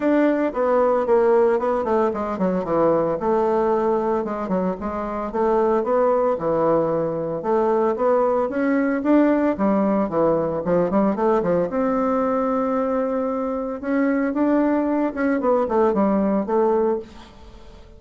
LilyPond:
\new Staff \with { instrumentName = "bassoon" } { \time 4/4 \tempo 4 = 113 d'4 b4 ais4 b8 a8 | gis8 fis8 e4 a2 | gis8 fis8 gis4 a4 b4 | e2 a4 b4 |
cis'4 d'4 g4 e4 | f8 g8 a8 f8 c'2~ | c'2 cis'4 d'4~ | d'8 cis'8 b8 a8 g4 a4 | }